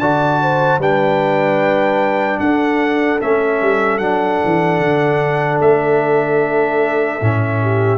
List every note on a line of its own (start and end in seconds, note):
0.00 0.79 D3
0.00 0.81 F#4
0.00 0.40 D5
0.00 0.80 A5
0.42 0.80 C5
0.79 2.39 G3
0.79 3.21 D4
0.79 2.40 B4
0.79 2.40 G5
2.40 3.20 D4
2.40 7.61 A4
2.40 3.20 F#5
3.21 3.62 A3
3.21 4.01 C#4
3.21 3.99 E5
3.62 3.99 G3
3.99 4.39 F#3
3.99 7.21 D4
3.99 5.58 F#5
4.45 4.80 E3
4.80 5.60 D3
5.60 7.20 A3
5.60 7.98 E5
7.22 7.98 A2
7.22 7.98 C#4
7.62 7.98 G4